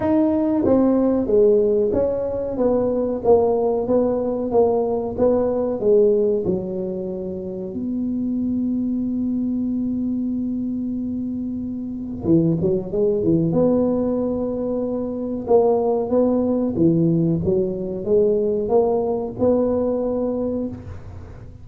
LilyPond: \new Staff \with { instrumentName = "tuba" } { \time 4/4 \tempo 4 = 93 dis'4 c'4 gis4 cis'4 | b4 ais4 b4 ais4 | b4 gis4 fis2 | b1~ |
b2. e8 fis8 | gis8 e8 b2. | ais4 b4 e4 fis4 | gis4 ais4 b2 | }